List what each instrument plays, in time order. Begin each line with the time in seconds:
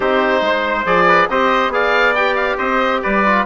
0.00 bassoon C4, trombone D#4, trumpet G4, oboe C5
0.41 bassoon G#3, trumpet C5
0.85 bassoon F3, trombone G#4, oboe D5
1.07 trumpet B4
1.29 bassoon C4, trombone G4, trumpet C5, oboe D#5
1.68 bassoon B3, trombone G#4, trumpet D5, oboe F5
2.15 trombone G4, oboe G5
2.35 oboe F5
2.57 bassoon C4, trumpet C5, oboe D#5
3.02 bassoon G3, trumpet B4, oboe D5
3.25 trombone F4